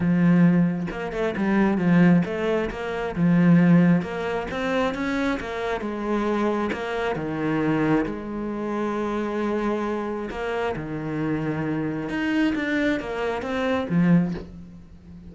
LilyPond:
\new Staff \with { instrumentName = "cello" } { \time 4/4 \tempo 4 = 134 f2 ais8 a8 g4 | f4 a4 ais4 f4~ | f4 ais4 c'4 cis'4 | ais4 gis2 ais4 |
dis2 gis2~ | gis2. ais4 | dis2. dis'4 | d'4 ais4 c'4 f4 | }